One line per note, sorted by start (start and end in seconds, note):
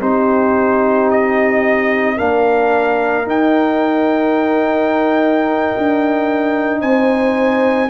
0.00 2.18 C4
0.00 2.17 D#4
0.00 2.16 G4
0.00 1.10 C5
1.10 2.18 D#5
2.16 3.26 A#3
2.16 3.25 D4
2.16 6.80 A#4
2.16 3.27 F5
3.25 7.89 D#4
3.25 5.72 D#4
3.25 6.81 G5
5.77 6.82 D4
6.81 7.90 C4
6.81 7.90 C5
6.81 7.90 G#5